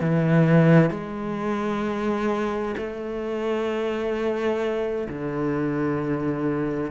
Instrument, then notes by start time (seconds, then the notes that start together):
cello
0.00 E3
0.90 G#3
2.77 A3
5.08 D3